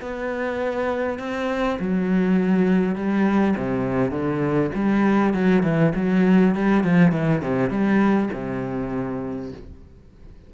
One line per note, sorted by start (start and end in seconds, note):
0.00 1.19 B3
1.19 1.78 C4
1.79 2.95 F#3
2.95 3.54 G3
3.56 4.11 C3
4.11 4.70 D3
4.74 5.33 G3
5.33 5.63 F#3
5.63 5.92 E3
5.95 6.55 F#3
6.55 6.83 G3
6.83 7.12 F3
7.12 7.41 E3
7.41 7.70 C3
7.70 8.29 G3
8.33 9.52 C3